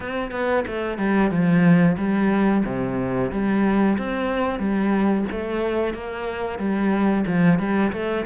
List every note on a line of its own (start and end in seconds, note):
0.00 0.31 C4
0.31 0.64 B3
0.67 0.98 A3
0.98 1.30 G3
1.30 1.96 F3
1.98 2.63 G3
2.65 3.31 C3
3.31 3.97 G3
3.98 4.59 C4
4.59 5.24 G3
5.31 5.93 A3
5.93 6.58 A#3
6.58 7.24 G3
7.26 7.59 F3
7.59 7.92 G3
7.92 8.25 A3